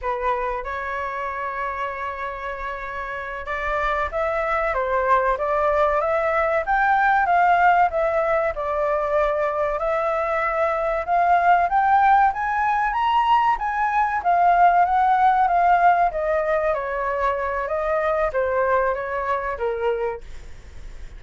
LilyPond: \new Staff \with { instrumentName = "flute" } { \time 4/4 \tempo 4 = 95 b'4 cis''2.~ | cis''4. d''4 e''4 c''8~ | c''8 d''4 e''4 g''4 f''8~ | f''8 e''4 d''2 e''8~ |
e''4. f''4 g''4 gis''8~ | gis''8 ais''4 gis''4 f''4 fis''8~ | fis''8 f''4 dis''4 cis''4. | dis''4 c''4 cis''4 ais'4 | }